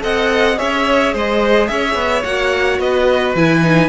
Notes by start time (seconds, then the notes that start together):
0.00 C4 A4 D#5 F#5
0.58 C#4 G#4 C#5 E5
1.13 G#3 C5 D#5
1.67 C#4 C#5 E5
1.95 B3
2.24 A#3 F#4 F#5
2.78 B3 B4 D#5
3.34 E3 E4 G#5
3.62 D#4